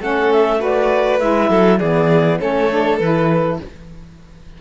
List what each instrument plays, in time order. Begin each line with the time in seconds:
0.00 cello A3, saxophone C#4, violin A4, clarinet F#5
0.32 clarinet E5
0.58 saxophone F#4, violin B4, clarinet D5
1.19 cello G#3, saxophone E4, clarinet E5
1.50 cello F#3, violin A4
1.79 cello E3, saxophone B3, violin G#4, clarinet D5
2.40 cello A3, saxophone C#4, violin A4, clarinet C#5
2.70 saxophone D4
2.98 cello E3, saxophone E4, clarinet B4